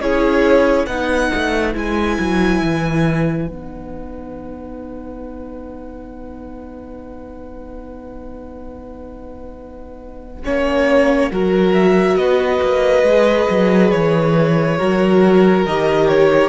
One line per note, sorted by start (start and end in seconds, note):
0.00 0.87 C#4
0.00 0.88 E4
0.00 0.87 G#4
0.00 0.86 C#5
0.86 1.30 B3
0.86 1.73 D#4
0.86 10.43 B4
0.86 1.73 F#5
1.35 1.75 A3
1.73 2.18 G#3
1.73 3.46 E4
1.73 3.49 G#5
2.19 2.61 F#3
2.61 3.48 E3
3.46 10.44 B3
3.46 10.42 D#4
3.46 11.74 F#5
10.44 11.31 A#3
10.44 11.31 C#4
10.44 11.32 C#5
11.31 12.16 F#3
11.31 13.06 F#4
11.31 12.19 A#4
11.74 12.16 E5
12.16 12.60 B3
12.16 14.78 B4
12.16 13.90 D#5
12.62 13.03 A#3
13.03 13.47 G#3
13.03 14.79 G#4
13.50 13.93 F#3
13.90 14.80 E3
13.90 15.64 C#5
14.78 15.66 F#3
14.78 15.66 F#4
14.78 16.49 A#4
15.66 16.49 D#3
15.66 16.49 G4
15.66 16.08 D#5
16.08 16.49 C#5